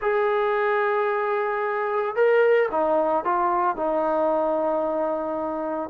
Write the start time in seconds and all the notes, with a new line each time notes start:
0.01 G#4
2.15 A#4
2.71 D#4
3.24 F4
3.76 D#4